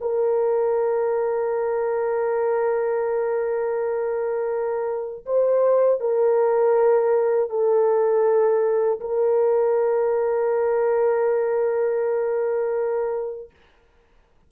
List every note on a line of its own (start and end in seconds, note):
0.00 5.25 A#4
5.25 6.00 C5
6.00 7.49 A#4
7.49 8.99 A4
9.00 13.50 A#4